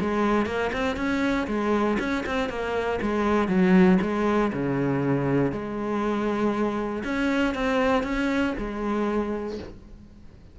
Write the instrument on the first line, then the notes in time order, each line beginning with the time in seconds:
cello
0.00 G#3
0.46 A#3
0.72 C4
0.96 C#4
1.47 G#3
1.99 C#4
2.26 C4
2.49 A#3
3.01 G#3
3.48 F#3
4.01 G#3
4.52 C#3
5.52 G#3
7.03 C#4
7.54 C4
8.03 C#4
8.57 G#3